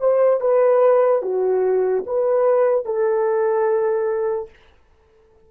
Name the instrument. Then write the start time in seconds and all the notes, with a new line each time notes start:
horn
0.00 C5
0.40 B4
1.22 F#4
2.06 B4
2.85 A4